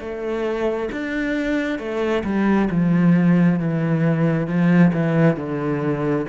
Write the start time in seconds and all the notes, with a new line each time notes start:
0.00 A3
0.92 D4
1.79 A3
2.25 G3
2.71 F3
3.60 E3
4.48 F3
4.94 E3
5.37 D3